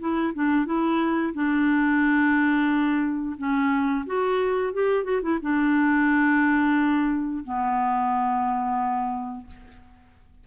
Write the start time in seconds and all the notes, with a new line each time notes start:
0.00 E4
0.34 D4
0.66 E4
1.34 D4
3.38 C#4
4.07 F#4
4.74 G4
5.04 F#4
5.22 E4
5.42 D4
7.45 B3